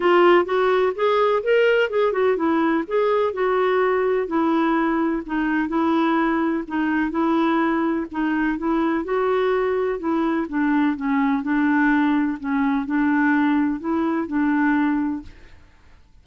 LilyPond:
\new Staff \with { instrumentName = "clarinet" } { \time 4/4 \tempo 4 = 126 f'4 fis'4 gis'4 ais'4 | gis'8 fis'8 e'4 gis'4 fis'4~ | fis'4 e'2 dis'4 | e'2 dis'4 e'4~ |
e'4 dis'4 e'4 fis'4~ | fis'4 e'4 d'4 cis'4 | d'2 cis'4 d'4~ | d'4 e'4 d'2 | }